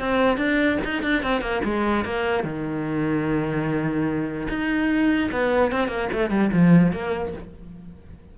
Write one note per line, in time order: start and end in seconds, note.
0.00 0.38 C4
0.38 0.78 D4
0.85 1.03 D#4
1.03 1.23 D4
1.23 1.42 C4
1.42 1.62 A#3
1.65 2.05 G#3
2.05 2.44 A#3
2.44 4.48 D#3
4.49 5.31 D#4
5.32 5.72 B3
5.72 5.89 C4
5.89 6.09 A#3
6.13 6.31 A3
6.31 6.51 G3
6.53 6.93 F3
6.93 7.34 A#3